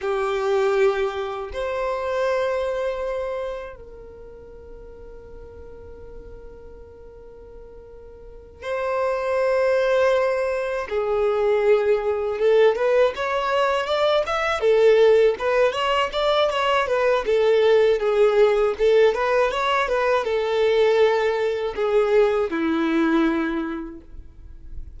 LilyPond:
\new Staff \with { instrumentName = "violin" } { \time 4/4 \tempo 4 = 80 g'2 c''2~ | c''4 ais'2.~ | ais'2.~ ais'8 c''8~ | c''2~ c''8 gis'4.~ |
gis'8 a'8 b'8 cis''4 d''8 e''8 a'8~ | a'8 b'8 cis''8 d''8 cis''8 b'8 a'4 | gis'4 a'8 b'8 cis''8 b'8 a'4~ | a'4 gis'4 e'2 | }